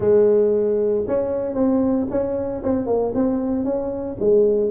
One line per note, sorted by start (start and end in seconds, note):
0.00 1.04 G#3
1.07 1.54 C#4
1.54 2.06 C4
2.10 2.62 C#4
2.63 2.86 C4
2.86 3.12 A#3
3.14 3.64 C4
3.64 4.16 C#4
4.19 4.70 G#3